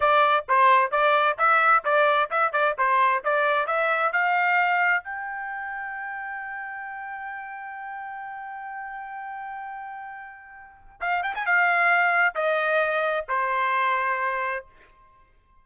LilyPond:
\new Staff \with { instrumentName = "trumpet" } { \time 4/4 \tempo 4 = 131 d''4 c''4 d''4 e''4 | d''4 e''8 d''8 c''4 d''4 | e''4 f''2 g''4~ | g''1~ |
g''1~ | g''1 | f''8 g''16 gis''16 f''2 dis''4~ | dis''4 c''2. | }